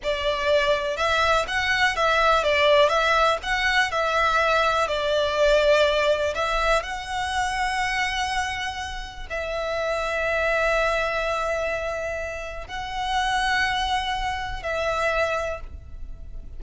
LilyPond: \new Staff \with { instrumentName = "violin" } { \time 4/4 \tempo 4 = 123 d''2 e''4 fis''4 | e''4 d''4 e''4 fis''4 | e''2 d''2~ | d''4 e''4 fis''2~ |
fis''2. e''4~ | e''1~ | e''2 fis''2~ | fis''2 e''2 | }